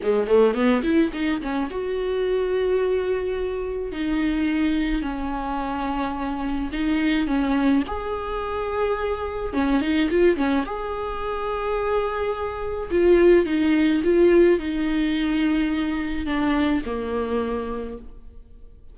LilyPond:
\new Staff \with { instrumentName = "viola" } { \time 4/4 \tempo 4 = 107 gis8 a8 b8 e'8 dis'8 cis'8 fis'4~ | fis'2. dis'4~ | dis'4 cis'2. | dis'4 cis'4 gis'2~ |
gis'4 cis'8 dis'8 f'8 cis'8 gis'4~ | gis'2. f'4 | dis'4 f'4 dis'2~ | dis'4 d'4 ais2 | }